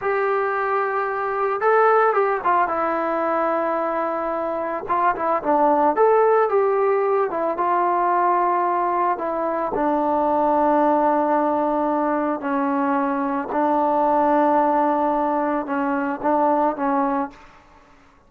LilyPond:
\new Staff \with { instrumentName = "trombone" } { \time 4/4 \tempo 4 = 111 g'2. a'4 | g'8 f'8 e'2.~ | e'4 f'8 e'8 d'4 a'4 | g'4. e'8 f'2~ |
f'4 e'4 d'2~ | d'2. cis'4~ | cis'4 d'2.~ | d'4 cis'4 d'4 cis'4 | }